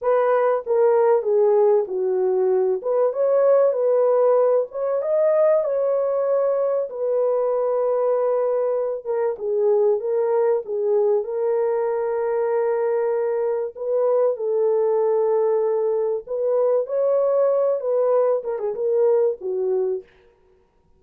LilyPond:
\new Staff \with { instrumentName = "horn" } { \time 4/4 \tempo 4 = 96 b'4 ais'4 gis'4 fis'4~ | fis'8 b'8 cis''4 b'4. cis''8 | dis''4 cis''2 b'4~ | b'2~ b'8 ais'8 gis'4 |
ais'4 gis'4 ais'2~ | ais'2 b'4 a'4~ | a'2 b'4 cis''4~ | cis''8 b'4 ais'16 gis'16 ais'4 fis'4 | }